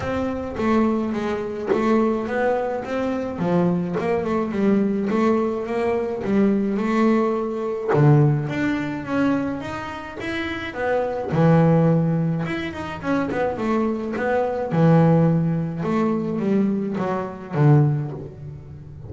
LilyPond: \new Staff \with { instrumentName = "double bass" } { \time 4/4 \tempo 4 = 106 c'4 a4 gis4 a4 | b4 c'4 f4 ais8 a8 | g4 a4 ais4 g4 | a2 d4 d'4 |
cis'4 dis'4 e'4 b4 | e2 e'8 dis'8 cis'8 b8 | a4 b4 e2 | a4 g4 fis4 d4 | }